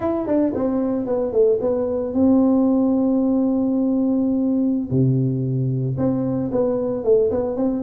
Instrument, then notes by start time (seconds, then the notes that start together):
tuba
0.00 E4
0.26 D4
0.54 C4
1.06 B3
1.32 A3
1.60 B3
2.13 C4
4.90 C3
5.97 C4
6.51 B3
7.04 A3
7.31 B3
7.56 C4